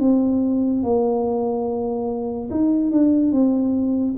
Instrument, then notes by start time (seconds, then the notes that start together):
tuba
0.00 C4
0.83 A#3
2.51 D#4
2.91 D4
3.32 C4